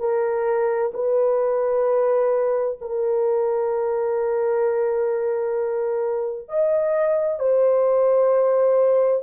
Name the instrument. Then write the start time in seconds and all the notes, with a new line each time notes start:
horn
0.00 A#4
0.94 B4
2.82 A#4
6.49 D#5
7.40 C5